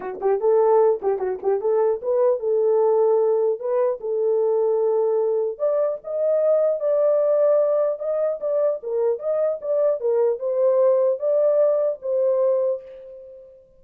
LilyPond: \new Staff \with { instrumentName = "horn" } { \time 4/4 \tempo 4 = 150 fis'8 g'8 a'4. g'8 fis'8 g'8 | a'4 b'4 a'2~ | a'4 b'4 a'2~ | a'2 d''4 dis''4~ |
dis''4 d''2. | dis''4 d''4 ais'4 dis''4 | d''4 ais'4 c''2 | d''2 c''2 | }